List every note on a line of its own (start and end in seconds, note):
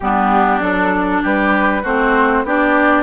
0.00 0.60 G3
0.00 0.61 B3
0.00 1.22 D4
0.00 0.61 G4
0.60 1.21 F#3
0.60 1.83 D4
0.60 1.22 A4
1.22 1.83 G3
1.22 1.82 G4
1.22 1.84 B4
1.82 2.43 A3
1.82 2.46 C4
1.82 2.43 F#4
1.82 2.45 C5
2.43 3.02 B3
2.43 3.02 D4
2.43 3.02 G4
2.43 3.02 D5